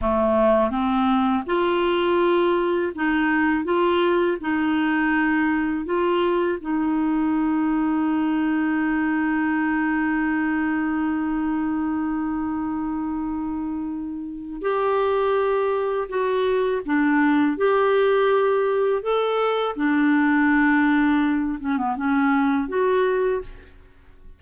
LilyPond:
\new Staff \with { instrumentName = "clarinet" } { \time 4/4 \tempo 4 = 82 a4 c'4 f'2 | dis'4 f'4 dis'2 | f'4 dis'2.~ | dis'1~ |
dis'1 | g'2 fis'4 d'4 | g'2 a'4 d'4~ | d'4. cis'16 b16 cis'4 fis'4 | }